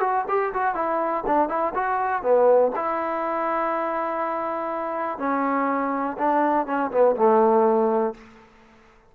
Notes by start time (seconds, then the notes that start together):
0.00 F#4
0.28 G4
0.54 F#4
0.75 E4
1.26 D4
1.49 E4
1.75 F#4
2.23 B3
2.76 E4
5.18 C#4
6.18 D4
6.66 C#4
6.91 B3
7.16 A3